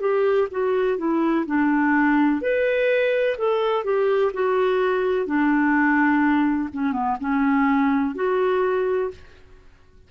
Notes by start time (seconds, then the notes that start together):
0.00 G4
0.51 F#4
0.97 E4
1.46 D4
2.41 B4
3.37 A4
3.84 G4
4.33 F#4
5.26 D4
6.73 C#4
6.92 B3
7.20 C#4
8.15 F#4